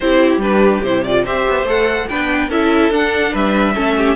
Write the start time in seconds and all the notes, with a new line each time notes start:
0.00 C4 E4 G4 C5
0.37 G3 D4 B4
0.83 C3 E4 C5
1.04 F4 D5
1.23 C4 G4 C5 E5
1.48 B3
1.63 A3 A4 F#5
2.08 B3 D4 B4 G5
2.49 C#4 E4 A4 E5
2.90 D4 F#5
3.32 G3 B4 E5
3.74 A3 C#4 A4
3.97 G4